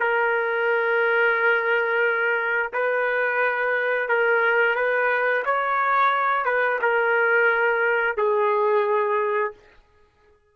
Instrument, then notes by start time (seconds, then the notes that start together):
trumpet
0.00 A#4
2.73 B4
4.09 A#4
4.75 B4
5.45 C#5
6.45 B4
6.81 A#4
8.17 G#4